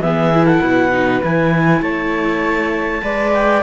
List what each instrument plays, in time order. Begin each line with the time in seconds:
0.00 cello E3, viola B3, flute G#4, clarinet E5
0.34 viola E4
0.46 flute A4, clarinet F#5
0.61 cello B2, flute B4
0.92 viola D#4
1.23 cello E3, viola E4, clarinet G#5
1.82 cello A3, flute C#5, clarinet A5
3.02 cello G#3, viola B4, flute D5
3.33 clarinet G5